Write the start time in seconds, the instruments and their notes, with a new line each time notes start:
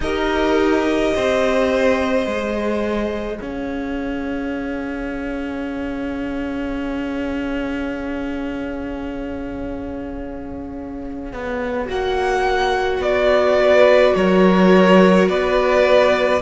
0.00 cello D#4, viola G4, violin A#4 D#5
1.14 cello C4, violin C5
2.26 cello G#3, viola G#4
3.40 cello C#4, violin C#5 F5
11.32 cello B3
11.86 cello A#3, viola F#4, violin F#5
12.99 cello B3, violin D5
13.59 violin B4
14.15 cello F#3, violin A#4 C#5
15.28 cello B3, violin B4 D5